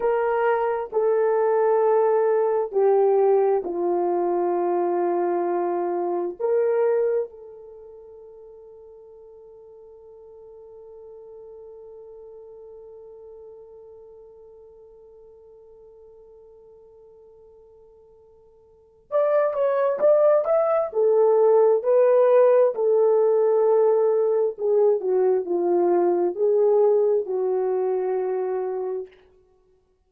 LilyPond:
\new Staff \with { instrumentName = "horn" } { \time 4/4 \tempo 4 = 66 ais'4 a'2 g'4 | f'2. ais'4 | a'1~ | a'1~ |
a'1~ | a'4 d''8 cis''8 d''8 e''8 a'4 | b'4 a'2 gis'8 fis'8 | f'4 gis'4 fis'2 | }